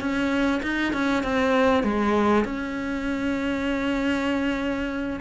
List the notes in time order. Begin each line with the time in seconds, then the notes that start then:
0.00 C#4
0.63 D#4
0.93 C#4
1.23 C4
1.83 G#3
2.44 C#4